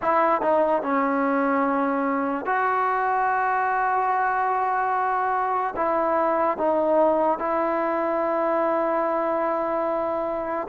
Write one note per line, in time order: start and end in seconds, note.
0.01 0.41 E4
0.41 0.82 D#4
0.82 2.45 C#4
2.45 5.74 F#4
5.76 6.57 E4
6.57 7.39 D#4
7.39 10.67 E4